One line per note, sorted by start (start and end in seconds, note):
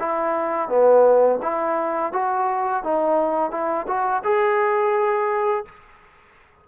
0.00 0.69 E4
0.69 1.40 B3
1.43 2.13 E4
2.13 2.84 F#4
2.84 3.51 D#4
3.51 3.87 E4
3.88 4.23 F#4
4.24 5.66 G#4